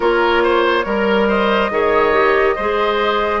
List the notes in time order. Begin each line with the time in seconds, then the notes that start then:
0.00 A#3 F4 A#4 C#5
0.43 C5
0.85 G3 A#4
1.28 C5 D#5
1.70 D#3 G#4 C#5
2.12 G4
2.55 G#3 G#4 C5